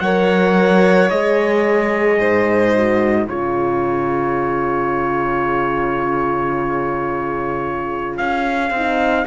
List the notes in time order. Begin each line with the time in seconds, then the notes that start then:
0.00 F#3 A#4 C#5 F#5
1.10 G#3 G#4 D#5
2.19 G#2 C5
2.75 F#4
3.28 C#3 F4 G#4 C#5
8.18 C#4 F5
8.71 C4 D#4